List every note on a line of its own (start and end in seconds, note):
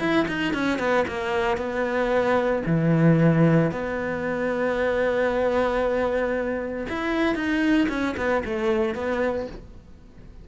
0.00 0.26 E4
0.28 0.54 D#4
0.54 0.79 C#4
0.79 1.05 B3
1.08 1.57 A#3
1.57 2.63 B3
2.66 3.71 E3
3.71 6.87 B3
6.89 7.35 E4
7.35 7.88 D#4
7.89 8.16 C#4
8.17 8.43 B3
8.45 8.95 A3
8.95 9.47 B3